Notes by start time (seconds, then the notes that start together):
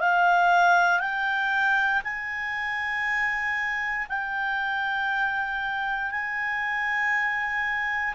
0.00 F5
1.00 G5
2.04 G#5
4.09 G5
6.11 G#5